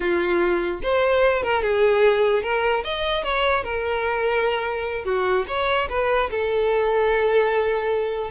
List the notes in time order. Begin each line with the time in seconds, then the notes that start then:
0.00 F4
0.82 C5
1.43 A#4
1.62 G#4
2.43 A#4
2.83 D#5
3.23 C#5
3.63 A#4
5.05 F#4
5.47 C#5
5.89 B4
6.30 A4